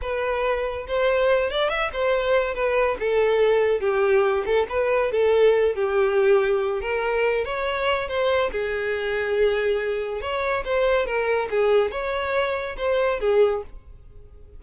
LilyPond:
\new Staff \with { instrumentName = "violin" } { \time 4/4 \tempo 4 = 141 b'2 c''4. d''8 | e''8 c''4. b'4 a'4~ | a'4 g'4. a'8 b'4 | a'4. g'2~ g'8 |
ais'4. cis''4. c''4 | gis'1 | cis''4 c''4 ais'4 gis'4 | cis''2 c''4 gis'4 | }